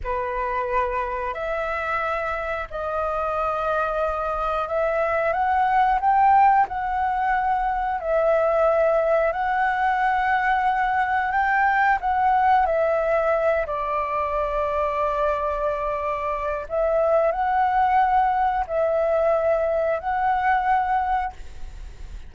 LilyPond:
\new Staff \with { instrumentName = "flute" } { \time 4/4 \tempo 4 = 90 b'2 e''2 | dis''2. e''4 | fis''4 g''4 fis''2 | e''2 fis''2~ |
fis''4 g''4 fis''4 e''4~ | e''8 d''2.~ d''8~ | d''4 e''4 fis''2 | e''2 fis''2 | }